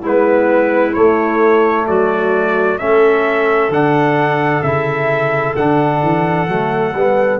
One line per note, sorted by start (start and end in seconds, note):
0.00 0.96 G#3
0.00 0.94 B3
0.00 1.85 E4
0.06 0.94 B4
0.94 2.79 A3
0.94 1.89 A3
0.94 1.86 C#5
1.87 2.81 F#3
1.87 2.80 F#4
1.87 2.79 D5
2.79 3.70 A3
2.79 3.71 C#4
2.79 7.40 A4
2.79 3.71 E5
3.70 4.62 D3
3.70 4.64 D4
3.70 4.62 F#5
4.62 5.55 C#3
4.62 5.57 E4
4.62 5.55 E5
5.56 6.03 D3
5.56 6.48 D4
5.56 7.40 F#5
6.03 6.48 E3
6.48 6.95 F#3
6.48 6.94 A3
6.95 7.40 G3
6.95 7.40 B3